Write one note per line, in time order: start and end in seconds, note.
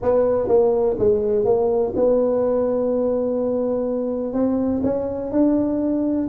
0.02 0.48 B3
0.48 0.96 A#3
0.98 1.45 G#3
1.45 1.93 A#3
1.95 4.33 B3
4.33 4.81 C4
4.83 5.31 C#4
5.31 6.28 D4